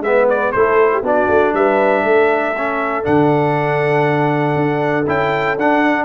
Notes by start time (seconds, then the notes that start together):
0.00 G#3 B3 B4 E5
0.29 D5
0.52 A3 E4 A4 C5
0.93 G4
1.02 B3 D4 F#4 D5
1.28 A3
1.53 G3 B4 E5
2.03 A3 A4
2.57 C#4
3.03 D3 D4 F#5
4.55 D4
5.07 C#4 E4 G5
5.57 D4 F#5